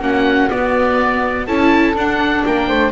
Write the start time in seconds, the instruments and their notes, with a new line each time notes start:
0.00 double bass A#3, viola C#4, flute F#4, oboe F#5
0.50 viola B3, double bass B3, oboe D5
1.47 double bass C#4, viola E4, flute A4, oboe A5
1.95 double bass D4, viola D4, oboe F#5
2.45 double bass A#3, flute A#4, oboe G5
2.68 double bass A3, flute C5